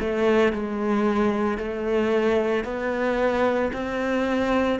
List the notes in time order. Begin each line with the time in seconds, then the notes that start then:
0.00 A3
0.53 G#3
1.58 A3
2.64 B3
3.74 C4